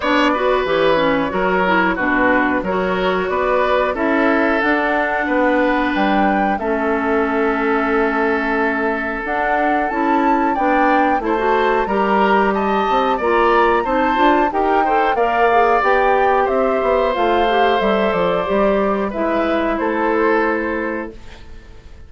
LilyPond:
<<
  \new Staff \with { instrumentName = "flute" } { \time 4/4 \tempo 4 = 91 d''4 cis''2 b'4 | cis''4 d''4 e''4 fis''4~ | fis''4 g''4 e''2~ | e''2 fis''4 a''4 |
g''4 a''4 ais''4 a''4 | ais''4 a''4 g''4 f''4 | g''4 e''4 f''4 e''8 d''8~ | d''4 e''4 c''2 | }
  \new Staff \with { instrumentName = "oboe" } { \time 4/4 cis''8 b'4. ais'4 fis'4 | ais'4 b'4 a'2 | b'2 a'2~ | a'1 |
d''4 c''4 ais'4 dis''4 | d''4 c''4 ais'8 c''8 d''4~ | d''4 c''2.~ | c''4 b'4 a'2 | }
  \new Staff \with { instrumentName = "clarinet" } { \time 4/4 d'8 fis'8 g'8 cis'8 fis'8 e'8 d'4 | fis'2 e'4 d'4~ | d'2 cis'2~ | cis'2 d'4 e'4 |
d'4 e'16 fis'8. g'2 | f'4 dis'8 f'8 g'8 a'8 ais'8 gis'8 | g'2 f'8 g'8 a'4 | g'4 e'2. | }
  \new Staff \with { instrumentName = "bassoon" } { \time 4/4 b4 e4 fis4 b,4 | fis4 b4 cis'4 d'4 | b4 g4 a2~ | a2 d'4 cis'4 |
b4 a4 g4. c'8 | ais4 c'8 d'8 dis'4 ais4 | b4 c'8 b8 a4 g8 f8 | g4 gis4 a2 | }
>>